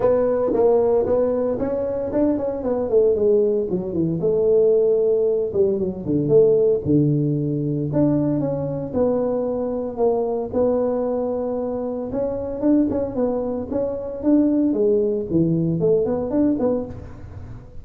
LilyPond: \new Staff \with { instrumentName = "tuba" } { \time 4/4 \tempo 4 = 114 b4 ais4 b4 cis'4 | d'8 cis'8 b8 a8 gis4 fis8 e8 | a2~ a8 g8 fis8 d8 | a4 d2 d'4 |
cis'4 b2 ais4 | b2. cis'4 | d'8 cis'8 b4 cis'4 d'4 | gis4 e4 a8 b8 d'8 b8 | }